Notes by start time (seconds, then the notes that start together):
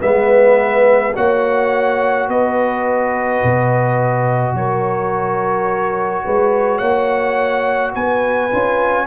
0.00 G#3 B3 B4 E5
1.15 A#3 F#4 C#5 F#5
2.29 B3 B4 D#5
3.44 B2
4.54 F#3 A#4 C#5
6.25 G#3 B4
6.79 A#3 C#5 F#5
7.94 B3 B4 G#5
8.51 C#4 F4